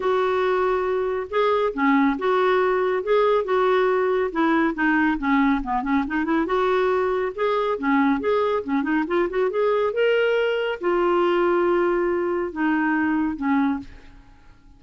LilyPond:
\new Staff \with { instrumentName = "clarinet" } { \time 4/4 \tempo 4 = 139 fis'2. gis'4 | cis'4 fis'2 gis'4 | fis'2 e'4 dis'4 | cis'4 b8 cis'8 dis'8 e'8 fis'4~ |
fis'4 gis'4 cis'4 gis'4 | cis'8 dis'8 f'8 fis'8 gis'4 ais'4~ | ais'4 f'2.~ | f'4 dis'2 cis'4 | }